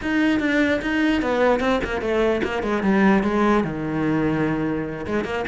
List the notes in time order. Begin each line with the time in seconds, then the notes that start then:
0.02 D#4
0.39 D4
0.81 D#4
1.21 B3
1.60 C4
1.84 A#3
2.01 A3
2.43 A#3
2.62 G#3
2.82 G3
3.23 G#3
3.64 D#3
5.06 G#3
5.24 A#3